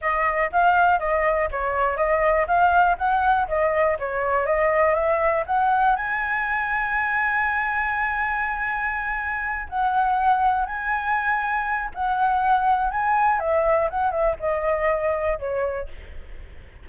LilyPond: \new Staff \with { instrumentName = "flute" } { \time 4/4 \tempo 4 = 121 dis''4 f''4 dis''4 cis''4 | dis''4 f''4 fis''4 dis''4 | cis''4 dis''4 e''4 fis''4 | gis''1~ |
gis''2.~ gis''8 fis''8~ | fis''4. gis''2~ gis''8 | fis''2 gis''4 e''4 | fis''8 e''8 dis''2 cis''4 | }